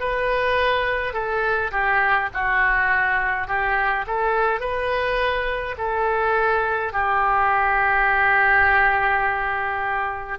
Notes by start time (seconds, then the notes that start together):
0.00 B4
1.14 A4
1.72 G4
2.34 F#4
3.48 G4
4.07 A4
4.60 B4
5.78 A4
6.93 G4